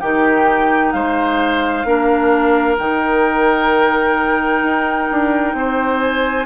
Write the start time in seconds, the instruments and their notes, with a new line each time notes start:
0.00 bassoon D#3, clarinet D#4, oboe G4, flute G5
0.92 bassoon G#3, oboe C5, flute F5
1.84 bassoon A#3, clarinet D4, oboe A#4
2.78 bassoon D#3, clarinet D#4, flute G5
4.62 bassoon D#4
5.11 bassoon D4
5.53 bassoon C4, oboe C5
5.99 flute G#5